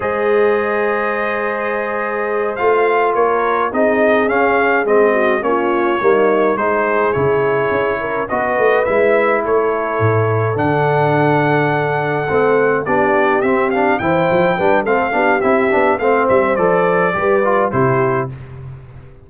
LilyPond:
<<
  \new Staff \with { instrumentName = "trumpet" } { \time 4/4 \tempo 4 = 105 dis''1~ | dis''8 f''4 cis''4 dis''4 f''8~ | f''8 dis''4 cis''2 c''8~ | c''8 cis''2 dis''4 e''8~ |
e''8 cis''2 fis''4.~ | fis''2~ fis''8 d''4 e''8 | f''8 g''4. f''4 e''4 | f''8 e''8 d''2 c''4 | }
  \new Staff \with { instrumentName = "horn" } { \time 4/4 c''1~ | c''4. ais'4 gis'4.~ | gis'4 fis'8 f'4 dis'4 gis'8~ | gis'2 ais'8 b'4.~ |
b'8 a'2.~ a'8~ | a'2~ a'8 g'4.~ | g'8 c''4 b'8 a'8 g'4. | c''2 b'4 g'4 | }
  \new Staff \with { instrumentName = "trombone" } { \time 4/4 gis'1~ | gis'8 f'2 dis'4 cis'8~ | cis'8 c'4 cis'4 ais4 dis'8~ | dis'8 e'2 fis'4 e'8~ |
e'2~ e'8 d'4.~ | d'4. c'4 d'4 c'8 | d'8 e'4 d'8 c'8 d'8 e'8 d'8 | c'4 a'4 g'8 f'8 e'4 | }
  \new Staff \with { instrumentName = "tuba" } { \time 4/4 gis1~ | gis8 a4 ais4 c'4 cis'8~ | cis'8 gis4 ais4 g4 gis8~ | gis8 cis4 cis'4 b8 a8 gis8~ |
gis8 a4 a,4 d4.~ | d4. a4 b4 c'8~ | c'8 e8 f8 g8 a8 b8 c'8 b8 | a8 g8 f4 g4 c4 | }
>>